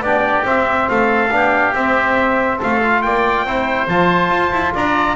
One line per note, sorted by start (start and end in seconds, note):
0.00 0.43 B3
0.00 0.43 D4
0.00 0.90 G4
0.00 0.45 D5
0.43 1.29 C4
0.43 0.89 C4
0.43 0.89 E5
0.89 1.30 A3
0.89 1.33 A4
0.89 1.74 F5
1.30 1.73 B3
1.30 1.74 D4
1.30 2.57 G4
1.74 2.60 C4
1.74 2.82 C4
1.74 2.60 E5
2.57 3.04 A3
2.57 3.00 A4
2.57 3.02 F5
2.82 3.47 F4
3.02 3.44 A#3
3.02 3.46 D5
3.02 3.87 G5
3.44 3.86 C4
3.44 3.88 E4
3.44 4.74 C5
3.87 4.30 F3
3.87 5.16 F4
3.87 4.74 A5
4.30 4.51 F4
4.51 4.73 E4
4.74 5.16 D4
4.74 5.16 D5
4.74 5.16 A#5